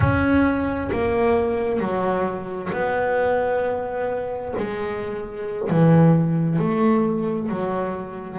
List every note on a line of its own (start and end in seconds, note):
0.00 0.90 C#4
0.92 1.79 A#3
1.79 2.70 F#3
2.72 4.54 B3
4.57 5.69 G#3
5.69 6.58 E3
6.58 7.49 A3
7.49 8.38 F#3